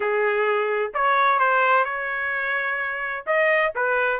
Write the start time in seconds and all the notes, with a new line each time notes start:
0.00 G#4
0.93 C#5
1.39 C5
1.84 C#5
3.26 D#5
3.75 B4